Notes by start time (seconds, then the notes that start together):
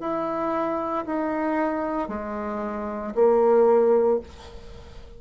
0.00 E4
1.06 D#4
2.09 G#3
3.15 A#3